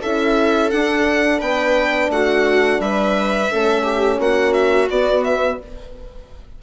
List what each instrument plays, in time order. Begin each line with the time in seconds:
0.00 bassoon C#4, horn E4, viola A4, violin E5
0.70 bassoon D4, horn D4, violin F#5
1.39 bassoon B3, viola B4, violin G5
2.09 bassoon A3, viola F#4, violin F#5
2.79 bassoon G3, viola B4, violin E5
3.50 bassoon A3, horn C#4, viola A4
3.83 viola G4
4.19 bassoon A#3, viola F#4, violin F#5
4.53 violin E5
4.89 bassoon B3, horn B3, violin D5
5.24 violin E5